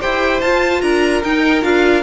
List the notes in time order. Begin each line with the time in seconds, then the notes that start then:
0.00 E4 G4 C5 G5
0.41 F4 A5
0.81 D4 A#4 A#5
1.23 D#4 G5
1.61 D4 F4 F5